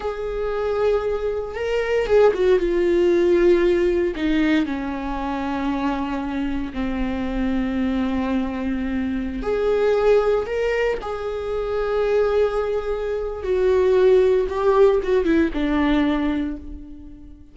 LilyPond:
\new Staff \with { instrumentName = "viola" } { \time 4/4 \tempo 4 = 116 gis'2. ais'4 | gis'8 fis'8 f'2. | dis'4 cis'2.~ | cis'4 c'2.~ |
c'2~ c'16 gis'4.~ gis'16~ | gis'16 ais'4 gis'2~ gis'8.~ | gis'2 fis'2 | g'4 fis'8 e'8 d'2 | }